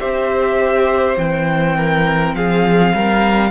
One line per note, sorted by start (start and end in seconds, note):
0.00 1.17 C4
0.00 1.17 G4
0.00 1.77 C5
0.00 1.18 E5
1.17 2.35 E3
1.17 3.51 C4
1.17 2.36 G5
1.77 2.36 A#4
2.35 2.94 F3
2.35 2.96 G#4
2.35 3.51 F5
2.95 3.51 G3
2.95 3.51 A#4